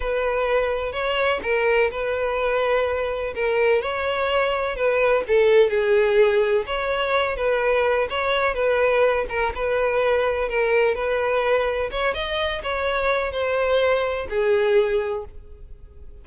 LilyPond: \new Staff \with { instrumentName = "violin" } { \time 4/4 \tempo 4 = 126 b'2 cis''4 ais'4 | b'2. ais'4 | cis''2 b'4 a'4 | gis'2 cis''4. b'8~ |
b'4 cis''4 b'4. ais'8 | b'2 ais'4 b'4~ | b'4 cis''8 dis''4 cis''4. | c''2 gis'2 | }